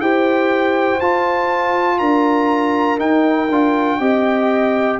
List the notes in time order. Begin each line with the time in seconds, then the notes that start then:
0.00 E4 G4 C5 G5
1.01 F4 A5
1.99 D4 A#4 A#5
2.99 D#4 G5
3.50 D4 F4
3.99 C4 G4 D#5